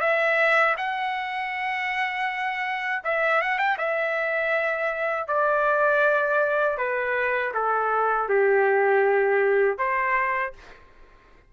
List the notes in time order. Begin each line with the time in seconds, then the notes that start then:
0.00 E5
0.77 F#5
3.04 E5
3.41 F#5
3.58 G5
3.78 E5
5.27 D5
6.77 B4
7.54 A4
8.28 G4
9.78 C5